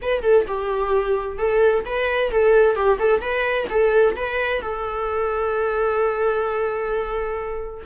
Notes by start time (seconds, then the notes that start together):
0.01 B4
0.22 A4
0.47 G4
1.38 A4
1.85 B4
2.31 A4
2.75 G4
2.99 A4
3.21 B4
3.69 A4
4.16 B4
4.61 A4